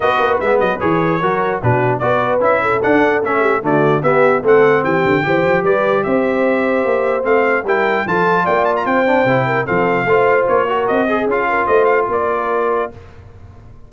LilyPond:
<<
  \new Staff \with { instrumentName = "trumpet" } { \time 4/4 \tempo 4 = 149 dis''4 e''8 dis''8 cis''2 | b'4 d''4 e''4 fis''4 | e''4 d''4 e''4 fis''4 | g''2 d''4 e''4~ |
e''2 f''4 g''4 | a''4 g''8 a''16 ais''16 g''2 | f''2 cis''4 dis''4 | f''4 dis''8 f''8 d''2 | }
  \new Staff \with { instrumentName = "horn" } { \time 4/4 b'2. ais'4 | fis'4 b'4. a'4.~ | a'8 g'8 fis'4 g'4 a'4 | g'4 c''4 b'4 c''4~ |
c''2. ais'4 | a'4 d''4 c''4. ais'8 | a'4 c''4. ais'4 gis'8~ | gis'8 ais'8 c''4 ais'2 | }
  \new Staff \with { instrumentName = "trombone" } { \time 4/4 fis'4 b4 gis'4 fis'4 | d'4 fis'4 e'4 d'4 | cis'4 a4 b4 c'4~ | c'4 g'2.~ |
g'2 c'4 e'4 | f'2~ f'8 d'8 e'4 | c'4 f'4. fis'4 gis'8 | f'1 | }
  \new Staff \with { instrumentName = "tuba" } { \time 4/4 b8 ais8 gis8 fis8 e4 fis4 | b,4 b4 cis'4 d'4 | a4 d4 b4 a4 | e8 d8 e8 f8 g4 c'4~ |
c'4 ais4 a4 g4 | f4 ais4 c'4 c4 | f4 a4 ais4 c'4 | cis'4 a4 ais2 | }
>>